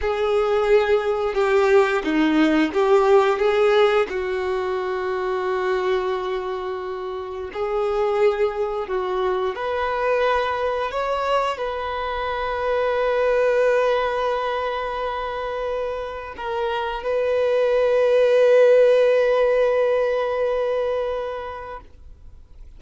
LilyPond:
\new Staff \with { instrumentName = "violin" } { \time 4/4 \tempo 4 = 88 gis'2 g'4 dis'4 | g'4 gis'4 fis'2~ | fis'2. gis'4~ | gis'4 fis'4 b'2 |
cis''4 b'2.~ | b'1 | ais'4 b'2.~ | b'1 | }